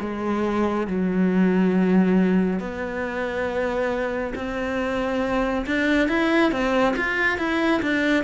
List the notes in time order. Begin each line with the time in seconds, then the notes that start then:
0.00 G#3
0.87 F#3
2.59 B3
4.35 C4
5.66 D4
6.08 E4
6.51 C4
6.96 F4
7.38 E4
7.82 D4